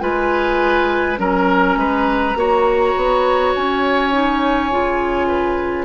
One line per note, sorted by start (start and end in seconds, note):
0.00 1.18 G#3
0.00 1.17 F4
0.00 1.19 B4
0.00 1.18 G#5
1.17 1.76 F#3
1.17 2.35 C#4
1.17 1.78 A#4
1.17 3.54 A#5
1.76 2.35 G#3
1.76 2.37 B4
2.35 2.93 A#3
2.35 4.12 F#4
2.35 5.27 C#5
2.96 3.55 B3
3.55 4.72 C#4
3.55 5.85 G#5
4.12 4.70 D#4
4.71 5.85 C#3
4.71 5.85 F4
5.27 5.85 B4